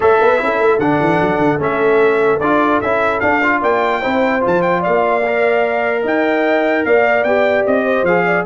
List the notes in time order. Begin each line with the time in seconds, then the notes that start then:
0.00 A3 A4 C#5 E5
0.21 B3 B4
0.39 C#4 E4 A4
0.60 A3
0.78 D3 D4 F#5
1.00 E3
1.21 F#3
1.38 D3
1.58 A3 C#4 E5
2.40 D4 F4 D5
2.80 C#4 E4 E5
3.20 D4 F5
3.42 F4
3.60 A#3 D5 G5
4.00 C4 E4 C5
4.40 F3 F4 A5
4.61 G5
4.80 D5 F5
4.86 A#3
5.27 A#4
6.02 D#4 D#5 G5
6.85 A#3 D5 F5
7.23 B3 G4 G5
7.66 C4 D#5
7.84 C5
8.03 F3 G#4 F5
8.25 D5